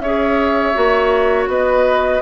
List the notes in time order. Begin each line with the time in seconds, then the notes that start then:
0.00 C#4 G#4 C#5 E5
0.74 A#3 F#4
1.48 B3 B4 D#5